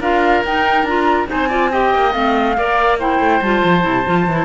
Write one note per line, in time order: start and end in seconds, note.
0.00 0.43 D4
0.00 0.44 F4
0.00 1.28 A#4
0.00 0.44 F5
0.44 0.83 D#4
0.44 0.87 D#4
0.44 0.84 G5
0.83 1.25 D4
0.83 1.27 F4
0.83 1.27 A#5
1.27 1.48 D#4
1.27 1.48 C5
1.27 1.72 G#5
1.33 1.95 C4
1.48 1.70 F4
1.48 1.70 D5
1.71 2.12 G4
1.71 2.56 D#5
1.71 2.12 G5
1.95 2.14 A#3
2.12 2.57 A3
2.12 2.55 C4
2.12 2.98 F5
2.57 3.19 A#3
2.57 2.99 A#4
2.57 2.99 D5
2.99 3.42 E4
2.99 4.45 C5
2.99 3.42 G5
3.19 3.40 A3
3.41 3.62 G3
3.41 3.81 F4
3.41 4.45 A5
3.64 3.85 F3
3.81 4.06 C3
3.81 4.02 E4
4.06 4.27 F3
4.06 4.27 F4
4.27 4.45 E3
4.27 4.45 E4